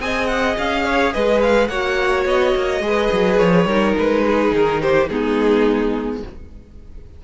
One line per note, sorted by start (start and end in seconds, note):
0.00 0.57 C4
0.00 1.70 G#4
0.00 0.85 D#5
0.00 0.27 G#5
0.27 0.55 F#5
0.58 1.15 C#4
0.58 1.13 F5
0.85 1.14 C#5
1.13 1.69 G#3
1.13 1.70 B4
1.13 1.41 D#5
1.41 1.68 F5
1.68 2.26 A#3
1.68 2.83 F#4
1.68 2.83 C#5
1.68 2.25 F#5
2.26 2.54 B3
2.26 3.38 D#5
2.55 2.80 A#3
2.80 3.09 G#3
2.80 3.67 G#4
2.87 3.67 B4
3.12 3.40 F#3
3.38 3.66 F3
3.38 3.95 C#5
3.66 3.94 G3
3.66 5.10 D#4
3.66 4.24 A#4
3.98 4.52 G#3
3.98 4.55 B4
4.26 4.82 G#4
4.52 5.08 D#3
4.52 4.82 A#4
4.82 5.10 G4
4.82 5.09 C5
5.09 6.23 G#3
5.09 6.24 B3
5.09 6.25 D#4
5.09 6.22 G#4